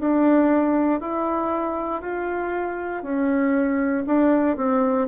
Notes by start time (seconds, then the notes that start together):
0.00 D4
1.00 E4
2.02 F4
3.03 C#4
4.06 D4
4.57 C4